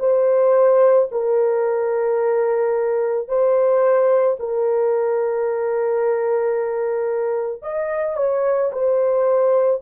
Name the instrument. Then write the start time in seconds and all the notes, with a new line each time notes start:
horn
0.00 C5
1.12 A#4
3.28 C5
4.40 A#4
7.63 D#5
8.17 C#5
8.73 C5